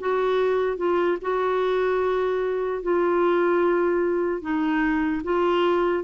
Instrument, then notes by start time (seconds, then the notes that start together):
clarinet
0.00 F#4
0.77 F4
1.21 F#4
2.83 F4
4.41 D#4
5.24 F4